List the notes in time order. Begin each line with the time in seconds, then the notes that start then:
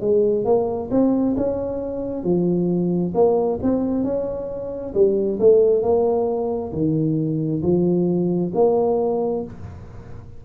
0.00 G#3
0.45 A#3
0.91 C4
1.37 C#4
2.23 F3
3.14 A#3
3.62 C4
4.04 C#4
4.94 G3
5.39 A3
5.82 A#3
6.72 D#3
7.62 F3
8.54 A#3